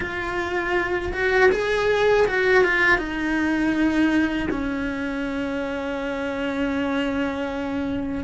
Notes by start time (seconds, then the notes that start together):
0.00 F4
1.12 F#4
1.51 G#4
2.27 F#4
2.64 F4
2.98 D#4
4.50 C#4